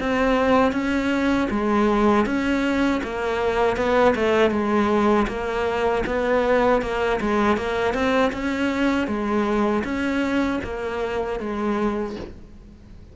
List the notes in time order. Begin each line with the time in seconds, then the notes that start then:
0.00 C4
0.72 C#4
1.51 G#3
2.26 C#4
3.03 A#3
3.77 B3
4.16 A3
4.51 G#3
5.28 A#3
6.06 B3
6.82 A#3
7.21 G#3
7.57 A#3
7.94 C4
8.33 C#4
9.07 G#3
9.84 C#4
10.64 A#3
11.40 G#3